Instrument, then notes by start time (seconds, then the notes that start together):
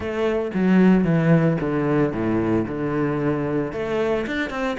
cello
0.00 A3
0.53 F#3
1.04 E3
1.60 D3
2.12 A2
2.67 D3
3.72 A3
4.26 D4
4.50 C4